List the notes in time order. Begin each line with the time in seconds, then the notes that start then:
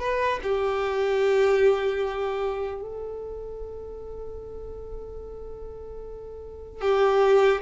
0.00 B4
0.43 G4
2.82 A4
6.81 G4